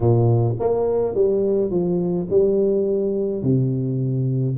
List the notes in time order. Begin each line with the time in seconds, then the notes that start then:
0.00 A#2
0.59 A#3
1.15 G3
1.70 F3
2.29 G3
3.43 C3